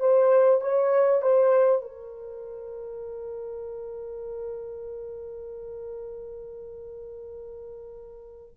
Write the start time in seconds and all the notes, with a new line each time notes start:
0.00 C5
0.61 C#5
1.22 C5
1.82 A#4